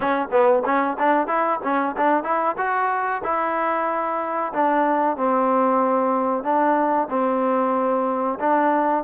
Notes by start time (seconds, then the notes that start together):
0.00 C#4
0.31 B3
0.65 C#4
0.99 D4
1.27 E4
1.63 C#4
1.96 D4
2.23 E4
2.57 F#4
3.23 E4
4.53 D4
5.16 C4
6.43 D4
7.09 C4
8.39 D4